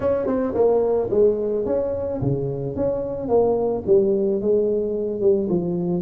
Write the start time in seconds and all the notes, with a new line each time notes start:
0.00 C#4
0.26 C4
0.54 A#3
1.10 G#3
1.65 C#4
2.21 C#3
2.75 C#4
3.28 A#3
3.86 G3
4.41 G#3
5.20 G3
5.49 F3